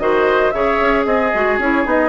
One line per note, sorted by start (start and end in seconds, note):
0.00 0.53 D#3
0.00 0.53 F#4
0.00 0.55 C5
0.00 0.51 D#5
0.51 0.80 C#3
0.51 1.33 G#4
0.51 1.06 C#5
0.51 1.04 E5
0.81 1.06 C#4
1.06 1.32 C4
1.06 2.10 G#4
1.06 1.58 D#5
1.35 1.59 G#3
1.35 1.61 F#4
1.59 1.85 C#4
1.59 1.85 E4
1.59 1.88 C#5
1.85 2.10 B3
1.85 2.10 D#4
1.85 2.10 D#5